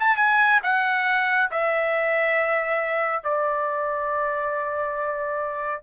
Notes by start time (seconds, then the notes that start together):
0.00 A5
0.17 G#5
0.63 F#5
1.51 E5
3.23 D5